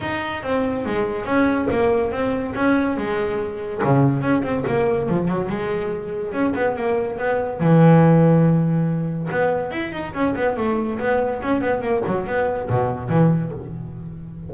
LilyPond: \new Staff \with { instrumentName = "double bass" } { \time 4/4 \tempo 4 = 142 dis'4 c'4 gis4 cis'4 | ais4 c'4 cis'4 gis4~ | gis4 cis4 cis'8 c'8 ais4 | f8 fis8 gis2 cis'8 b8 |
ais4 b4 e2~ | e2 b4 e'8 dis'8 | cis'8 b8 a4 b4 cis'8 b8 | ais8 fis8 b4 b,4 e4 | }